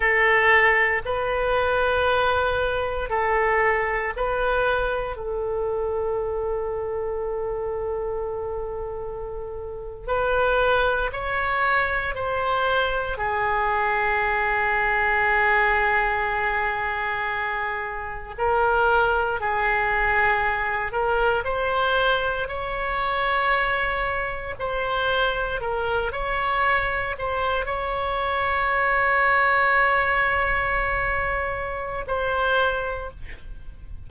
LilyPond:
\new Staff \with { instrumentName = "oboe" } { \time 4/4 \tempo 4 = 58 a'4 b'2 a'4 | b'4 a'2.~ | a'4.~ a'16 b'4 cis''4 c''16~ | c''8. gis'2.~ gis'16~ |
gis'4.~ gis'16 ais'4 gis'4~ gis'16~ | gis'16 ais'8 c''4 cis''2 c''16~ | c''8. ais'8 cis''4 c''8 cis''4~ cis''16~ | cis''2. c''4 | }